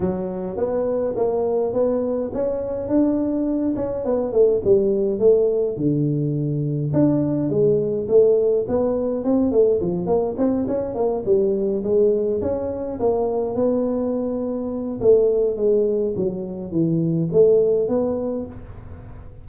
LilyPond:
\new Staff \with { instrumentName = "tuba" } { \time 4/4 \tempo 4 = 104 fis4 b4 ais4 b4 | cis'4 d'4. cis'8 b8 a8 | g4 a4 d2 | d'4 gis4 a4 b4 |
c'8 a8 f8 ais8 c'8 cis'8 ais8 g8~ | g8 gis4 cis'4 ais4 b8~ | b2 a4 gis4 | fis4 e4 a4 b4 | }